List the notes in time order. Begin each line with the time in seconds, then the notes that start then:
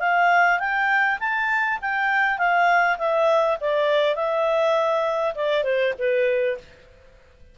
0.00 F5
0.59 G5
1.20 A5
1.81 G5
2.38 F5
2.98 E5
3.60 D5
4.16 E5
5.35 D5
5.64 C5
5.99 B4